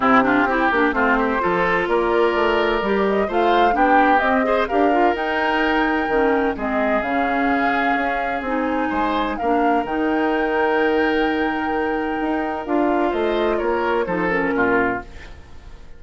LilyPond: <<
  \new Staff \with { instrumentName = "flute" } { \time 4/4 \tempo 4 = 128 g'2 c''2 | d''2~ d''8 dis''8 f''4 | g''4 dis''4 f''4 g''4~ | g''2 dis''4 f''4~ |
f''2 gis''2 | f''4 g''2.~ | g''2. f''4 | dis''4 cis''4 c''8 ais'4. | }
  \new Staff \with { instrumentName = "oboe" } { \time 4/4 e'8 f'8 g'4 f'8 g'8 a'4 | ais'2. c''4 | g'4. c''8 ais'2~ | ais'2 gis'2~ |
gis'2. c''4 | ais'1~ | ais'1 | c''4 ais'4 a'4 f'4 | }
  \new Staff \with { instrumentName = "clarinet" } { \time 4/4 c'8 d'8 e'8 d'8 c'4 f'4~ | f'2 g'4 f'4 | d'4 c'8 gis'8 g'8 f'8 dis'4~ | dis'4 cis'4 c'4 cis'4~ |
cis'2 dis'2 | d'4 dis'2.~ | dis'2. f'4~ | f'2 dis'8 cis'4. | }
  \new Staff \with { instrumentName = "bassoon" } { \time 4/4 c4 c'8 ais8 a4 f4 | ais4 a4 g4 a4 | b4 c'4 d'4 dis'4~ | dis'4 dis4 gis4 cis4~ |
cis4 cis'4 c'4 gis4 | ais4 dis2.~ | dis2 dis'4 d'4 | a4 ais4 f4 ais,4 | }
>>